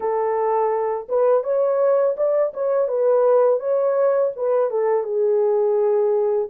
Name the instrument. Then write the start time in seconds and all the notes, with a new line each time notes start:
horn
0.00 A4
1.08 B4
1.43 C#5
2.17 D5
2.53 C#5
2.88 B4
3.59 C#5
4.35 B4
4.70 A4
5.03 G#4